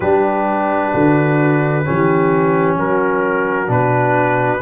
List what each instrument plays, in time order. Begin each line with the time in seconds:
0.00 tuba G3, trombone D4, horn G4, trumpet B4
0.92 tuba D3, horn F#4
1.84 tuba E3, trombone C#4, horn G4
2.76 tuba F#3, horn F#4, trumpet A#4
3.67 tuba B2, trombone D4, trumpet B4